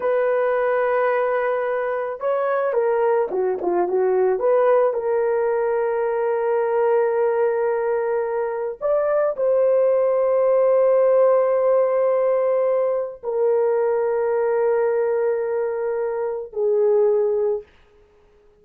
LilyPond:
\new Staff \with { instrumentName = "horn" } { \time 4/4 \tempo 4 = 109 b'1 | cis''4 ais'4 fis'8 f'8 fis'4 | b'4 ais'2.~ | ais'1 |
d''4 c''2.~ | c''1 | ais'1~ | ais'2 gis'2 | }